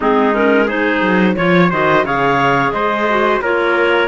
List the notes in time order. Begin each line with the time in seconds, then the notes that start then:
0.00 G#3 C4 D#4 G#4
0.32 C#4 A#4
0.65 D#4 G#4 C5
1.01 F#3
1.36 F3 F4 C#5
1.70 D#3 F#4 C5 D#5
2.04 C#3 G#4 C#5 F5
2.71 G#3 C5 D#5
3.09 F#4
3.41 A#3 F4 A#4 C#5